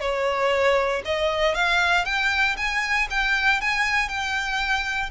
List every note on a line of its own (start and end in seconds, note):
0.00 1.02 C#5
1.05 1.54 D#5
1.54 2.05 F5
2.05 2.56 G5
2.57 3.08 G#5
3.10 3.61 G5
3.61 4.08 G#5
4.08 5.10 G5